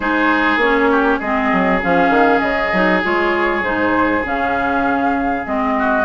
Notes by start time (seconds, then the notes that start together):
0.00 G#3 D#4 G#4 C5
0.56 A#3 C#4 C#5
0.91 G4
1.19 G#3 C4 G#4 D#5
1.52 F#3
1.81 F3 C#4 F5
2.09 D#3
2.39 C#3 D#5
2.72 F#3 D#4
3.03 G#3 F4 C#5
3.62 G#2 D#4 C5
4.23 C#3 C#4 F5
5.45 G#3 C4 D#5
5.78 F#4